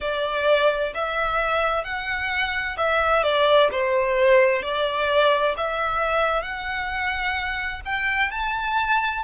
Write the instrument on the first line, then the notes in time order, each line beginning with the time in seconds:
violin
0.00 D5
0.94 E5
1.84 F#5
2.77 E5
3.23 D5
3.71 C5
4.62 D5
5.57 E5
6.42 F#5
7.85 G5
8.30 A5